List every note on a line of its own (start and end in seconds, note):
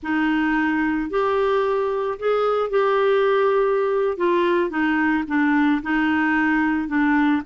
0.02 1.10 D#4
1.10 2.18 G4
2.19 2.70 G#4
2.70 4.17 G4
4.17 4.70 F4
4.70 5.24 D#4
5.27 5.81 D4
5.82 6.88 D#4
6.88 7.42 D4